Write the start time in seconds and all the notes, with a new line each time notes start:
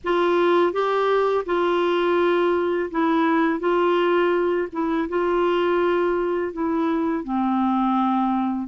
0.04 F4
0.72 G4
1.45 F4
2.90 E4
3.59 F4
4.72 E4
5.09 F4
6.52 E4
7.24 C4